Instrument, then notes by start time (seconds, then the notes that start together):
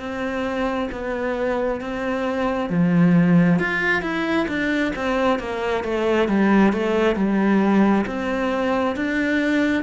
cello
0.00 C4
0.92 B3
1.81 C4
2.70 F3
3.59 F4
4.02 E4
4.48 D4
4.96 C4
5.39 A#3
5.84 A3
6.28 G3
6.73 A3
7.16 G3
8.07 C4
8.96 D4